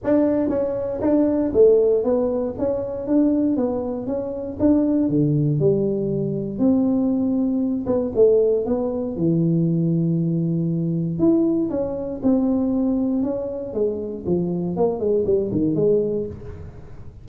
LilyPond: \new Staff \with { instrumentName = "tuba" } { \time 4/4 \tempo 4 = 118 d'4 cis'4 d'4 a4 | b4 cis'4 d'4 b4 | cis'4 d'4 d4 g4~ | g4 c'2~ c'8 b8 |
a4 b4 e2~ | e2 e'4 cis'4 | c'2 cis'4 gis4 | f4 ais8 gis8 g8 dis8 gis4 | }